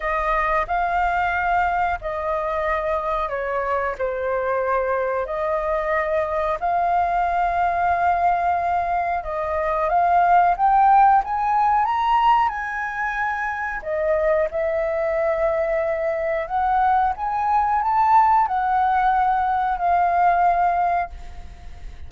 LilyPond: \new Staff \with { instrumentName = "flute" } { \time 4/4 \tempo 4 = 91 dis''4 f''2 dis''4~ | dis''4 cis''4 c''2 | dis''2 f''2~ | f''2 dis''4 f''4 |
g''4 gis''4 ais''4 gis''4~ | gis''4 dis''4 e''2~ | e''4 fis''4 gis''4 a''4 | fis''2 f''2 | }